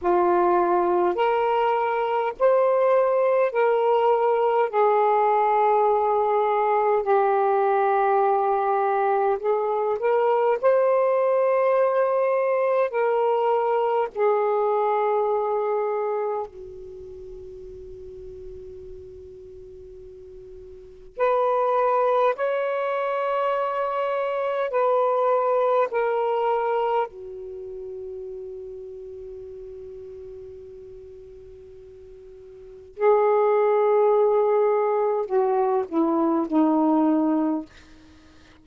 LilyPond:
\new Staff \with { instrumentName = "saxophone" } { \time 4/4 \tempo 4 = 51 f'4 ais'4 c''4 ais'4 | gis'2 g'2 | gis'8 ais'8 c''2 ais'4 | gis'2 fis'2~ |
fis'2 b'4 cis''4~ | cis''4 b'4 ais'4 fis'4~ | fis'1 | gis'2 fis'8 e'8 dis'4 | }